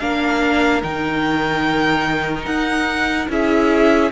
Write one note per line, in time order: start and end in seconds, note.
0.00 0.83 A#3
0.00 0.82 D4
0.00 3.30 A#4
0.00 0.82 F5
0.82 2.46 D#3
0.82 3.29 D#4
0.82 2.46 G5
2.46 3.28 D#4
2.46 3.28 F#5
3.29 4.11 C#4
3.29 4.12 E4
3.29 4.12 G#4
3.29 4.12 E5